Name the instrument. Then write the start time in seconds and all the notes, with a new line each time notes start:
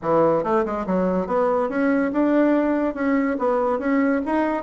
bassoon
0.02 E3
0.43 A3
0.65 G#3
0.86 F#3
1.26 B3
1.69 C#4
2.12 D4
2.94 C#4
3.38 B3
3.78 C#4
4.25 D#4